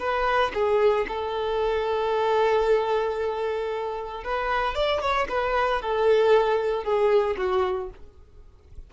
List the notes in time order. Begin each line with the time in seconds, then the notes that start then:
0.00 B4
0.54 G#4
1.09 A4
4.24 B4
4.75 D5
5.02 C#5
5.29 B4
5.82 A4
6.84 G#4
7.38 F#4